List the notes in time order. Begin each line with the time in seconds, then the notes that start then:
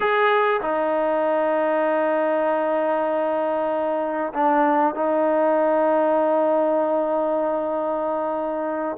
0.00 G#4
0.61 D#4
4.33 D4
4.95 D#4